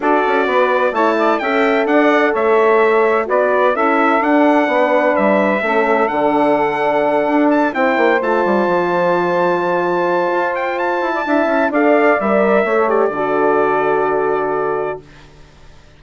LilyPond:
<<
  \new Staff \with { instrumentName = "trumpet" } { \time 4/4 \tempo 4 = 128 d''2 a''4 g''4 | fis''4 e''2 d''4 | e''4 fis''2 e''4~ | e''4 fis''2. |
a''8 g''4 a''2~ a''8~ | a''2~ a''8 g''8 a''4~ | a''4 f''4 e''4. d''8~ | d''1 | }
  \new Staff \with { instrumentName = "saxophone" } { \time 4/4 a'4 b'4 cis''8 d''8 e''4 | d''4 cis''2 b'4 | a'2 b'2 | a'1~ |
a'8 c''2.~ c''8~ | c''2.~ c''8. d''16 | e''4 d''2 cis''4 | a'1 | }
  \new Staff \with { instrumentName = "horn" } { \time 4/4 fis'2 e'4 a'4~ | a'2. fis'4 | e'4 d'2. | cis'4 d'2.~ |
d'8 e'4 f'2~ f'8~ | f'1 | e'4 a'4 ais'4 a'8 g'8 | fis'1 | }
  \new Staff \with { instrumentName = "bassoon" } { \time 4/4 d'8 cis'8 b4 a4 cis'4 | d'4 a2 b4 | cis'4 d'4 b4 g4 | a4 d2~ d8 d'8~ |
d'8 c'8 ais8 a8 g8 f4.~ | f2 f'4. e'8 | d'8 cis'8 d'4 g4 a4 | d1 | }
>>